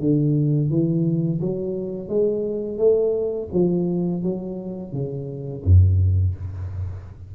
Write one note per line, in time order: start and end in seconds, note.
0.00 0.70 D3
0.70 1.41 E3
1.41 2.09 F#3
2.09 2.78 G#3
2.78 3.49 A3
3.53 4.23 F3
4.23 4.93 F#3
4.93 5.63 C#3
5.65 6.35 F#2